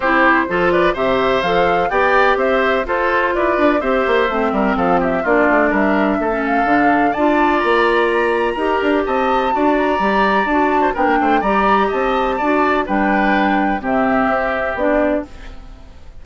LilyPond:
<<
  \new Staff \with { instrumentName = "flute" } { \time 4/4 \tempo 4 = 126 c''4. d''8 e''4 f''4 | g''4 e''4 c''4 d''4 | e''2 f''8 e''8 d''4 | e''4. f''4. a''4 |
ais''2. a''4~ | a''8 ais''4. a''4 g''4 | ais''4 a''2 g''4~ | g''4 e''2 d''4 | }
  \new Staff \with { instrumentName = "oboe" } { \time 4/4 g'4 a'8 b'8 c''2 | d''4 c''4 a'4 b'4 | c''4. ais'8 a'8 g'8 f'4 | ais'4 a'2 d''4~ |
d''2 ais'4 dis''4 | d''2~ d''8. c''16 ais'8 c''8 | d''4 dis''4 d''4 b'4~ | b'4 g'2. | }
  \new Staff \with { instrumentName = "clarinet" } { \time 4/4 e'4 f'4 g'4 a'4 | g'2 f'2 | g'4 c'2 d'4~ | d'4~ d'16 cis'8. d'4 f'4~ |
f'2 g'2 | fis'4 g'4 fis'4 d'4 | g'2 fis'4 d'4~ | d'4 c'2 d'4 | }
  \new Staff \with { instrumentName = "bassoon" } { \time 4/4 c'4 f4 c4 f4 | b4 c'4 f'4 e'8 d'8 | c'8 ais8 a8 g8 f4 ais8 a8 | g4 a4 d4 d'4 |
ais2 dis'8 d'8 c'4 | d'4 g4 d'4 b16 ais16 a8 | g4 c'4 d'4 g4~ | g4 c4 c'4 b4 | }
>>